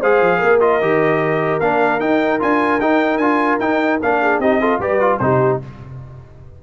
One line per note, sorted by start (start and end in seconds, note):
0.00 0.21 G#3
0.00 0.60 G#4
0.00 0.38 C5
0.00 0.60 F5
0.21 0.41 F3
0.38 0.81 A#3
0.38 4.18 A#4
0.60 0.80 F4
0.60 1.60 D#5
0.81 1.60 D#3
0.81 1.61 G4
1.60 2.00 A#3
1.60 1.99 D4
1.60 2.00 F5
1.99 2.39 D#4
1.99 2.40 D#4
1.99 2.40 G5
2.39 2.80 D4
2.39 2.79 F4
2.39 2.80 G#5
2.80 3.17 D#4
2.80 3.21 D#4
2.80 3.18 G5
3.17 3.57 D4
3.17 3.60 F4
3.17 3.58 G#5
3.59 3.99 D#4
3.59 4.00 D#4
3.59 3.99 G5
4.02 4.39 A#3
4.02 4.42 D4
4.02 4.40 F5
4.21 4.40 G#4
4.39 4.79 C4
4.39 4.61 D#4
4.39 4.60 G4
4.39 4.80 D#5
4.60 4.81 F4
4.60 4.80 A4
4.79 5.19 G3
4.79 5.00 G4
4.79 5.21 B4
4.79 5.18 D5
5.00 5.20 F4
5.18 5.60 C3
5.18 5.61 D#4
5.18 5.62 G4
5.18 5.58 C5